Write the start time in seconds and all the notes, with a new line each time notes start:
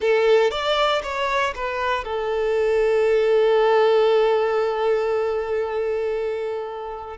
0.00 A4
0.50 D5
1.03 C#5
1.55 B4
2.04 A4